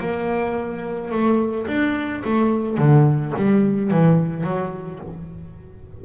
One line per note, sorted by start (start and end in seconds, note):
0.00 1.11 A#3
1.11 1.66 A3
1.67 2.22 D4
2.24 2.77 A3
2.77 3.33 D3
3.36 3.90 G3
3.90 4.43 E3
4.43 4.99 F#3